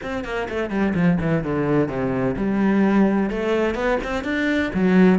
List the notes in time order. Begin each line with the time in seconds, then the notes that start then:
0.02 C4
0.24 A#3
0.49 A3
0.70 G3
0.94 F3
1.20 E3
1.43 D3
1.88 C3
2.36 G3
3.30 A3
3.75 B3
4.03 C4
4.23 D4
4.74 F#3